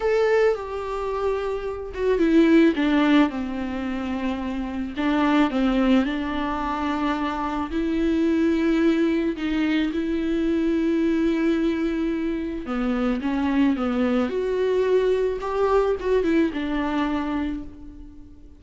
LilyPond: \new Staff \with { instrumentName = "viola" } { \time 4/4 \tempo 4 = 109 a'4 g'2~ g'8 fis'8 | e'4 d'4 c'2~ | c'4 d'4 c'4 d'4~ | d'2 e'2~ |
e'4 dis'4 e'2~ | e'2. b4 | cis'4 b4 fis'2 | g'4 fis'8 e'8 d'2 | }